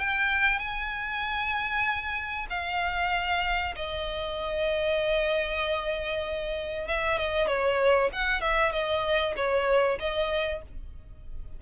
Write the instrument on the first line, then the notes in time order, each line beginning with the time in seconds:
violin
0.00 G5
0.60 G#5
2.51 F5
3.76 D#5
6.89 E5
7.19 D#5
7.48 C#5
8.13 F#5
8.41 E5
8.73 D#5
9.37 C#5
10.00 D#5